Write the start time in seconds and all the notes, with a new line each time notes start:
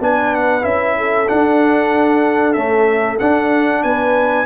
0.00 B3 D4 B4 G#5
0.35 F#5
0.62 C#4 E4 E5
0.98 A4
1.28 D4 F#5
2.53 A3 C#4 E5
3.19 D4 F#5
3.83 B3 B4 G#5